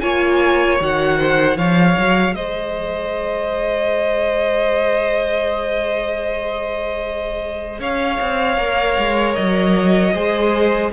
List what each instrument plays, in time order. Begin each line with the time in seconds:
0.00 cello A#3, viola F4, violin C#5 G#5
0.79 cello D#3, viola F#4, violin F#5
1.18 violin C5
1.56 cello F3, viola G#4, violin C#5 F5
1.98 cello F#3
2.33 cello G#3, violin C5 D#5
7.79 cello C#4, violin C#5 F5
8.20 cello C4
8.56 cello A#3, viola A#4
8.98 cello G#3
9.34 cello F#3, violin D#5
10.13 cello G#3, viola G#4, violin C5